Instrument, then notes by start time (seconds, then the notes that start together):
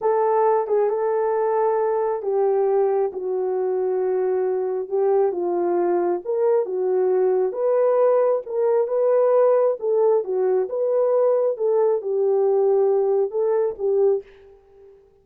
horn
0.01 A4
0.67 G#4
0.89 A4
2.22 G4
3.12 F#4
4.88 G4
5.32 F4
6.24 A#4
6.65 F#4
7.52 B4
8.46 A#4
8.87 B4
9.79 A4
10.24 F#4
10.69 B4
11.57 A4
12.01 G4
13.31 A4
13.78 G4